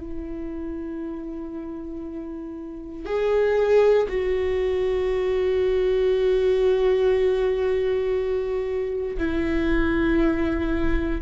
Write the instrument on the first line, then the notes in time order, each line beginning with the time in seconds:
viola
0.00 E4
3.05 G#4
4.09 F#4
9.18 E4